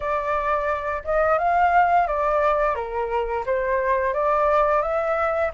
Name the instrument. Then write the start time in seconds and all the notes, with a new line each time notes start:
flute
0.00 D5
1.04 D#5
1.38 F5
2.07 D5
2.75 A#4
3.45 C5
4.13 D5
4.82 E5